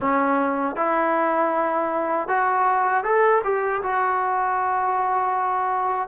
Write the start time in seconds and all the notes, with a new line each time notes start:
0.00 C#4
0.76 E4
2.28 F#4
3.03 A4
3.44 G4
3.82 F#4